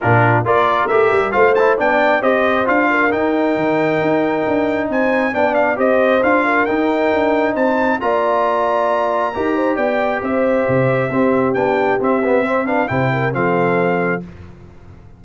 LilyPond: <<
  \new Staff \with { instrumentName = "trumpet" } { \time 4/4 \tempo 4 = 135 ais'4 d''4 e''4 f''8 a''8 | g''4 dis''4 f''4 g''4~ | g''2. gis''4 | g''8 f''8 dis''4 f''4 g''4~ |
g''4 a''4 ais''2~ | ais''2 g''4 e''4~ | e''2 g''4 e''4~ | e''8 f''8 g''4 f''2 | }
  \new Staff \with { instrumentName = "horn" } { \time 4/4 f'4 ais'2 c''4 | d''4 c''4. ais'4.~ | ais'2. c''4 | d''4 c''4. ais'4.~ |
ais'4 c''4 d''2~ | d''4 ais'8 c''8 d''4 c''4~ | c''4 g'2. | c''8 b'8 c''8 ais'8 a'2 | }
  \new Staff \with { instrumentName = "trombone" } { \time 4/4 d'4 f'4 g'4 f'8 e'8 | d'4 g'4 f'4 dis'4~ | dis'1 | d'4 g'4 f'4 dis'4~ |
dis'2 f'2~ | f'4 g'2.~ | g'4 c'4 d'4 c'8 b8 | c'8 d'8 e'4 c'2 | }
  \new Staff \with { instrumentName = "tuba" } { \time 4/4 ais,4 ais4 a8 g8 a4 | b4 c'4 d'4 dis'4 | dis4 dis'4 d'4 c'4 | b4 c'4 d'4 dis'4 |
d'4 c'4 ais2~ | ais4 dis'4 b4 c'4 | c4 c'4 b4 c'4~ | c'4 c4 f2 | }
>>